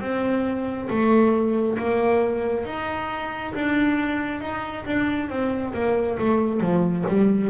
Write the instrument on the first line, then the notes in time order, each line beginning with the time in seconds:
double bass
0.00 C4
0.89 A3
1.78 A#3
2.65 D#4
3.54 D4
4.41 D#4
4.85 D4
5.29 C4
5.74 A#3
6.18 A3
6.60 F3
7.08 G3